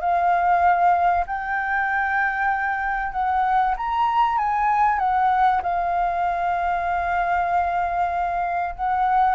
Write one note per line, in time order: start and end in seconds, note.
0.00 1.25 F5
1.26 3.12 G5
3.12 3.75 F#5
3.77 4.38 A#5
4.38 4.99 G#5
4.99 5.61 F#5
5.62 8.75 F5
8.75 9.35 F#5